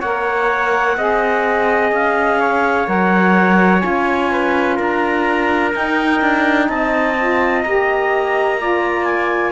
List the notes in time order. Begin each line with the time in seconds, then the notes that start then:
0.00 A#3 A#4 C#5 F#5
0.97 C4 G#4 D#5
1.92 C#4 F5
2.40 C#5
2.87 F#3 A#4 F#5
3.80 F4 G#5
3.86 C#4
4.32 B4
4.77 D4 A#4 A#5
5.73 D#4 G5
6.22 D4
6.69 C4 D#5 A5
7.18 F4
7.62 A#3 G4 A#5
8.59 F4 D5
9.04 G#5